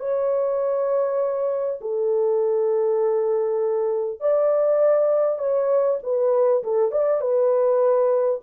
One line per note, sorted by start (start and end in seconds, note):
0.00 1.80 C#5
1.81 4.21 A4
4.21 5.39 D5
5.39 5.99 C#5
6.03 6.63 B4
6.64 6.92 A4
6.92 7.21 D5
7.21 8.41 B4